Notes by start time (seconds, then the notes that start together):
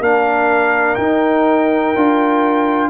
0.00 A#3 D4 A#4 F5
0.96 D#4 G5
1.96 D4 F4